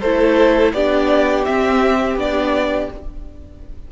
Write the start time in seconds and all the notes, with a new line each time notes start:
0.00 A3 E4 A4 C5
0.73 B3 D4 G4 D5
1.44 C4 E5
2.16 B3 D4 D5